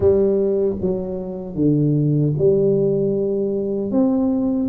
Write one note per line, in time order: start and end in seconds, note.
0.00 0.76 G3
0.81 1.55 F#3
1.55 2.33 D3
2.38 3.91 G3
3.91 4.69 C4